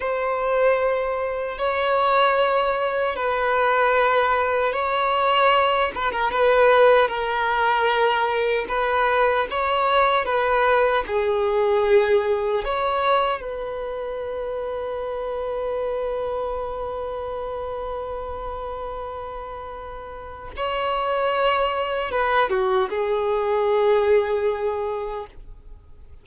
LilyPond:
\new Staff \with { instrumentName = "violin" } { \time 4/4 \tempo 4 = 76 c''2 cis''2 | b'2 cis''4. b'16 ais'16 | b'4 ais'2 b'4 | cis''4 b'4 gis'2 |
cis''4 b'2.~ | b'1~ | b'2 cis''2 | b'8 fis'8 gis'2. | }